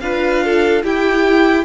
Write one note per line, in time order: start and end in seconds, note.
0.00 0.83 D4
0.00 0.84 F4
0.00 0.44 B4
0.00 0.82 F5
0.44 0.84 A4
0.84 1.64 E4
0.84 1.64 G4
0.84 1.64 G5